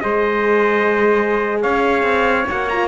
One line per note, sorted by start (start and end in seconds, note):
0.00 1.64 G#3
0.00 2.47 G#4
0.00 1.61 C5
0.00 1.61 D#5
1.61 2.02 C#4
1.61 2.88 C#5
1.61 2.47 F5
2.02 2.45 C4
2.47 2.88 A#3
2.47 2.68 F#4
2.47 2.69 F#5
2.69 2.88 F4
2.69 2.88 A#5